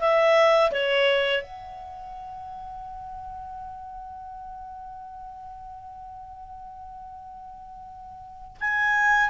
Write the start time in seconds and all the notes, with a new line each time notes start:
0.00 E5
0.72 C#5
1.42 F#5
8.60 G#5